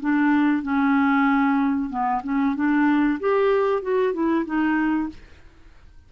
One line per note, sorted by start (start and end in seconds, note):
0.00 0.62 D4
0.62 1.89 C#4
1.89 2.21 B3
2.23 2.55 C#4
2.55 3.19 D4
3.19 3.82 G4
3.82 4.13 F#4
4.13 4.45 E4
4.45 5.09 D#4